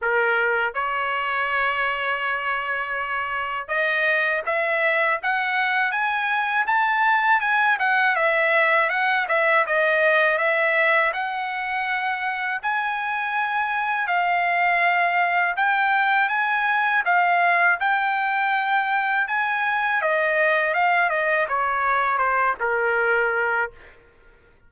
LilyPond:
\new Staff \with { instrumentName = "trumpet" } { \time 4/4 \tempo 4 = 81 ais'4 cis''2.~ | cis''4 dis''4 e''4 fis''4 | gis''4 a''4 gis''8 fis''8 e''4 | fis''8 e''8 dis''4 e''4 fis''4~ |
fis''4 gis''2 f''4~ | f''4 g''4 gis''4 f''4 | g''2 gis''4 dis''4 | f''8 dis''8 cis''4 c''8 ais'4. | }